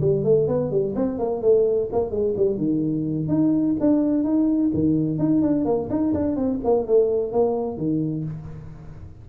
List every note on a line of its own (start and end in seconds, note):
0.00 0.24 G3
0.24 0.47 A3
0.47 0.70 B3
0.70 0.94 G3
0.95 1.18 C4
1.18 1.42 A#3
1.42 1.89 A3
1.92 2.10 A#3
2.10 2.34 G#3
2.36 2.57 G3
2.57 3.28 D#3
3.28 3.75 D#4
3.80 4.23 D4
4.23 4.71 D#4
4.73 5.18 D#3
5.18 5.42 D#4
5.42 5.64 D4
5.64 5.88 A#3
5.89 6.13 D#4
6.13 6.36 D4
6.36 6.59 C4
6.64 6.87 A#3
6.87 7.32 A3
7.32 7.77 A#3
7.77 8.24 D#3